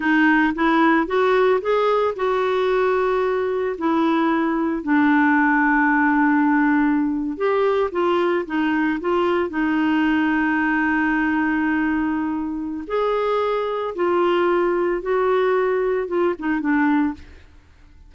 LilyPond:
\new Staff \with { instrumentName = "clarinet" } { \time 4/4 \tempo 4 = 112 dis'4 e'4 fis'4 gis'4 | fis'2. e'4~ | e'4 d'2.~ | d'4.~ d'16 g'4 f'4 dis'16~ |
dis'8. f'4 dis'2~ dis'16~ | dis'1 | gis'2 f'2 | fis'2 f'8 dis'8 d'4 | }